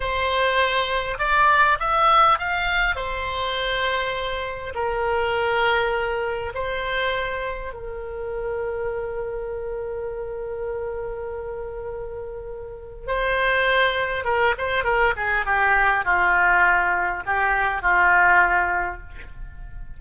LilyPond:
\new Staff \with { instrumentName = "oboe" } { \time 4/4 \tempo 4 = 101 c''2 d''4 e''4 | f''4 c''2. | ais'2. c''4~ | c''4 ais'2.~ |
ais'1~ | ais'2 c''2 | ais'8 c''8 ais'8 gis'8 g'4 f'4~ | f'4 g'4 f'2 | }